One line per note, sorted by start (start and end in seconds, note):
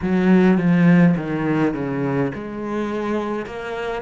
0.02 0.57 F#3
0.57 1.15 F3
1.16 1.74 D#3
1.74 2.32 C#3
2.34 3.46 G#3
3.46 4.02 A#3